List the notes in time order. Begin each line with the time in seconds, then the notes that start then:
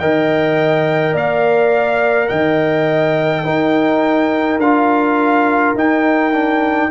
0.00 D#3 A#4 D#5 G5
1.13 A#3 D5 F5
2.29 D#3 D#5 G5
3.44 D#4 A#4
4.58 D4 F4 F5
5.75 D#4 G5
6.33 D4